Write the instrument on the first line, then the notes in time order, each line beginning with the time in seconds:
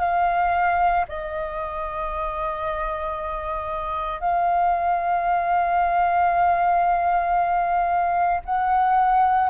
flute
0.00 F5
1.09 D#5
4.20 F5
8.45 F#5